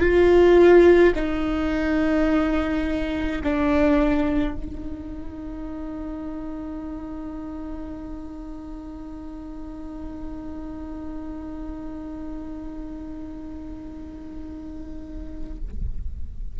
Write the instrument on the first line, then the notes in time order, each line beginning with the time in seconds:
viola
0.00 F4
1.15 D#4
3.44 D4
4.55 D#4